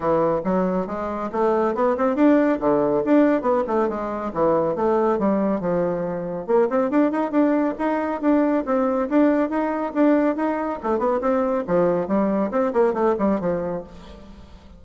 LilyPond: \new Staff \with { instrumentName = "bassoon" } { \time 4/4 \tempo 4 = 139 e4 fis4 gis4 a4 | b8 c'8 d'4 d4 d'4 | b8 a8 gis4 e4 a4 | g4 f2 ais8 c'8 |
d'8 dis'8 d'4 dis'4 d'4 | c'4 d'4 dis'4 d'4 | dis'4 a8 b8 c'4 f4 | g4 c'8 ais8 a8 g8 f4 | }